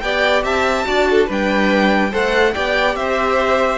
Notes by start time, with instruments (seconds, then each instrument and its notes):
0.00 cello B3, viola G4, violin D5 G5
0.43 cello C4, violin E5 A5
0.85 cello D4, viola F#4, violin D5
1.10 violin A4
1.27 cello G3, viola D4, violin B4 G5
2.11 cello A3, viola A4, violin C5 F#5
2.54 cello B3, viola G4, violin D5 G5
2.96 cello C4, violin C5 E5